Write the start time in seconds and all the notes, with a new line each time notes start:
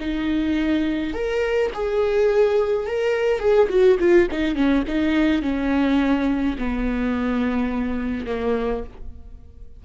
0.00 D#4
1.14 A#4
1.74 G#4
2.87 A#4
3.39 G#4
3.69 F#4
4.00 F4
4.32 D#4
4.55 C#4
4.88 D#4
5.42 C#4
6.59 B3
8.26 A#3